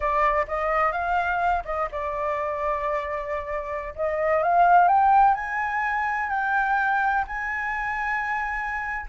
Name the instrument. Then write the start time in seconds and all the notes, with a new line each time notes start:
flute
0.00 D5
0.47 D#5
0.92 F5
1.65 D#5
1.91 D5
3.95 D#5
4.42 F5
4.88 G5
5.34 G#5
6.29 G5
7.27 G#5